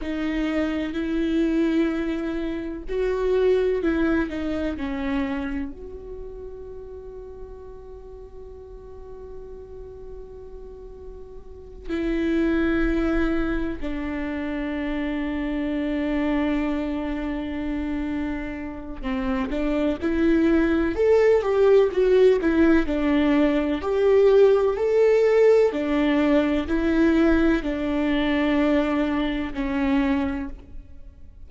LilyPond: \new Staff \with { instrumentName = "viola" } { \time 4/4 \tempo 4 = 63 dis'4 e'2 fis'4 | e'8 dis'8 cis'4 fis'2~ | fis'1~ | fis'8 e'2 d'4.~ |
d'1 | c'8 d'8 e'4 a'8 g'8 fis'8 e'8 | d'4 g'4 a'4 d'4 | e'4 d'2 cis'4 | }